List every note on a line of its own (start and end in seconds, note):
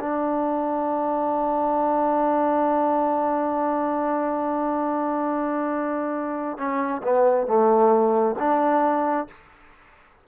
0.00 6.58 D4
6.58 7.02 C#4
7.03 7.47 B3
7.47 8.35 A3
8.39 9.27 D4